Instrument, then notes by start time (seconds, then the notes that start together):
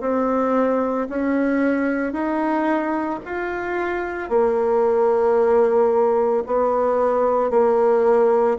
bassoon
0.00 C4
1.09 C#4
2.12 D#4
3.25 F4
4.29 A#3
6.46 B3
7.50 A#3